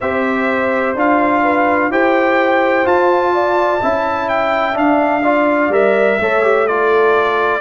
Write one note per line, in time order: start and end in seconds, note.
0.00 0.94 C4
0.00 0.96 G4
0.00 1.42 C5
0.00 0.96 E5
0.94 1.89 D4
0.94 1.91 F4
0.94 1.91 F5
1.42 1.90 B4
1.89 2.84 E4
1.89 2.84 G4
1.89 3.34 C5
1.89 2.87 G5
2.84 3.79 F4
2.84 3.81 F4
2.84 4.28 A5
3.34 3.81 D5
3.81 4.77 C#4
3.81 4.73 E4
3.81 5.22 E5
4.28 4.76 G5
4.73 5.21 D4
4.73 5.68 D4
4.73 5.72 F5
5.22 5.71 F4
5.22 6.18 D5
5.68 6.16 G3
5.68 6.19 A#4
5.68 6.67 E5
6.19 7.61 A3
6.19 6.43 A4
6.19 6.67 C#5
6.43 6.67 G4
6.67 7.61 F4
6.67 7.61 A4
6.67 7.61 D5